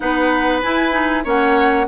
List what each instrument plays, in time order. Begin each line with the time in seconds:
0.00 bassoon B3, clarinet D#4, oboe B4, flute F#5
0.61 clarinet E4, bassoon E4, flute G#5
0.91 clarinet D#4
1.24 bassoon A#3, clarinet C#4, oboe C#5, flute F#5